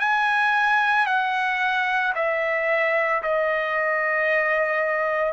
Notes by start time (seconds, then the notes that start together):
0.00 G#5
1.07 F#5
2.15 E5
3.23 D#5